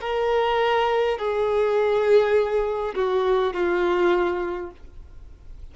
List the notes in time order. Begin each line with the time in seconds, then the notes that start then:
0.00 A#4
1.18 G#4
2.95 F#4
3.53 F4